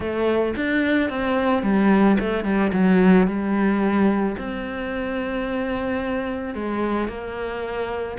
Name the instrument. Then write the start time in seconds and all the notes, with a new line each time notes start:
cello
0.00 A3
0.56 D4
1.09 C4
1.62 G3
2.19 A3
2.44 G3
2.72 F#3
3.27 G3
4.37 C4
6.54 G#3
7.08 A#3